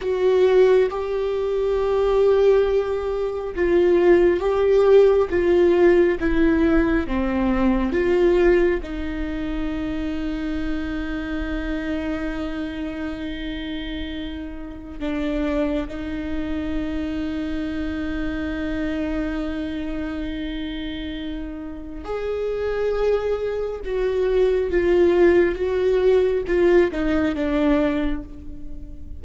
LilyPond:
\new Staff \with { instrumentName = "viola" } { \time 4/4 \tempo 4 = 68 fis'4 g'2. | f'4 g'4 f'4 e'4 | c'4 f'4 dis'2~ | dis'1~ |
dis'4 d'4 dis'2~ | dis'1~ | dis'4 gis'2 fis'4 | f'4 fis'4 f'8 dis'8 d'4 | }